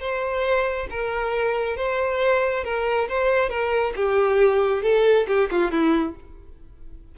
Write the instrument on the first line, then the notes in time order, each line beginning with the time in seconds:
violin
0.00 C5
0.90 A#4
1.77 C5
2.64 A#4
3.09 C5
3.50 A#4
3.96 G4
4.83 A4
5.28 G4
5.51 F4
5.71 E4